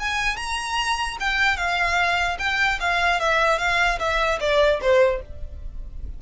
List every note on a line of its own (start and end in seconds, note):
0.00 0.37 G#5
0.37 1.17 A#5
1.20 1.57 G5
1.57 2.38 F5
2.39 2.79 G5
2.80 3.20 F5
3.20 3.59 E5
3.59 3.99 F5
3.99 4.40 E5
4.40 4.80 D5
4.81 5.22 C5